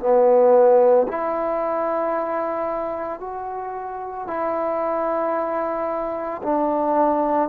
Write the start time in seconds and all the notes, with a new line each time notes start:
0.00 B3
1.08 E4
3.20 F#4
4.28 E4
6.43 D4